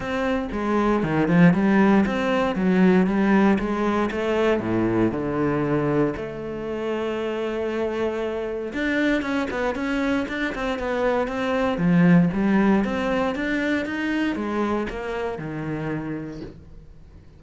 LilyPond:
\new Staff \with { instrumentName = "cello" } { \time 4/4 \tempo 4 = 117 c'4 gis4 dis8 f8 g4 | c'4 fis4 g4 gis4 | a4 a,4 d2 | a1~ |
a4 d'4 cis'8 b8 cis'4 | d'8 c'8 b4 c'4 f4 | g4 c'4 d'4 dis'4 | gis4 ais4 dis2 | }